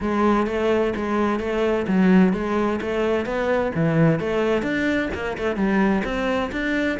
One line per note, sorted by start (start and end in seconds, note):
0.00 0.47 G#3
0.47 0.93 A3
0.96 1.39 G#3
1.39 1.86 A3
1.87 2.33 F#3
2.33 2.79 G#3
2.81 3.25 A3
3.25 3.72 B3
3.74 4.19 E3
4.19 4.62 A3
4.62 5.08 D4
5.14 5.37 A#3
5.37 5.56 A3
5.56 6.02 G3
6.04 6.51 C4
6.51 6.98 D4